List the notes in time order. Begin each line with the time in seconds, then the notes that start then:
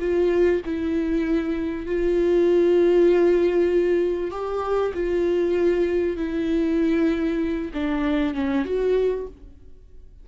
0.00 F4
0.65 E4
1.86 F4
4.31 G4
4.94 F4
6.17 E4
7.74 D4
8.34 C#4
8.65 F#4